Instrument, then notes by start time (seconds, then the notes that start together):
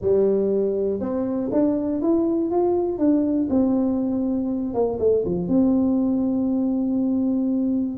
tuba
0.01 G3
1.00 C4
1.52 D4
2.01 E4
2.50 F4
2.98 D4
3.49 C4
4.73 A#3
4.99 A3
5.25 F3
5.48 C4